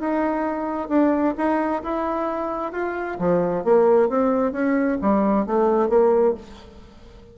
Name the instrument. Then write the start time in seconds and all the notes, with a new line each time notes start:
bassoon
0.00 D#4
0.89 D4
1.37 D#4
1.83 E4
2.72 F4
3.19 F3
3.64 A#3
4.09 C4
4.52 C#4
5.01 G3
5.46 A3
5.89 A#3